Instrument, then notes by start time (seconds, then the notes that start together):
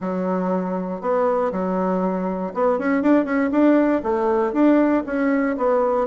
bassoon
0.00 F#3
1.01 B3
1.52 F#3
2.53 B3
2.78 C#4
3.02 D4
3.24 C#4
3.51 D4
4.03 A3
4.52 D4
5.06 C#4
5.57 B3